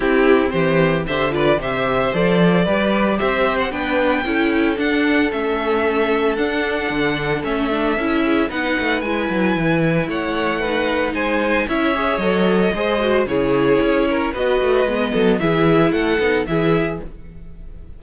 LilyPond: <<
  \new Staff \with { instrumentName = "violin" } { \time 4/4 \tempo 4 = 113 g'4 c''4 e''8 d''8 e''4 | d''2 e''8. fis''16 g''4~ | g''4 fis''4 e''2 | fis''2 e''2 |
fis''4 gis''2 fis''4~ | fis''4 gis''4 e''4 dis''4~ | dis''4 cis''2 dis''4~ | dis''4 e''4 fis''4 e''4 | }
  \new Staff \with { instrumentName = "violin" } { \time 4/4 e'4 g'4 c''8 b'8 c''4~ | c''4 b'4 c''4 b'4 | a'1~ | a'2.~ a'8 gis'8 |
b'2. cis''4 | b'4 c''4 cis''2 | c''4 gis'4. ais'8 b'4~ | b'8 a'8 gis'4 a'4 gis'4 | }
  \new Staff \with { instrumentName = "viola" } { \time 4/4 c'2 g'8 f'8 g'4 | a'4 g'2 d'4 | e'4 d'4 cis'2 | d'2 cis'8 d'8 e'4 |
dis'4 e'2. | dis'2 e'8 gis'8 a'4 | gis'8 fis'8 e'2 fis'4 | b4 e'4. dis'8 e'4 | }
  \new Staff \with { instrumentName = "cello" } { \time 4/4 c'4 e4 d4 c4 | f4 g4 c'4 b4 | cis'4 d'4 a2 | d'4 d4 a4 cis'4 |
b8 a8 gis8 fis8 e4 a4~ | a4 gis4 cis'4 fis4 | gis4 cis4 cis'4 b8 a8 | gis8 fis8 e4 a8 b8 e4 | }
>>